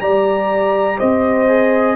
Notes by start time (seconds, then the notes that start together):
0.00 G3 G4 D5 A#5
0.98 C4 C5 D#5
1.47 G#4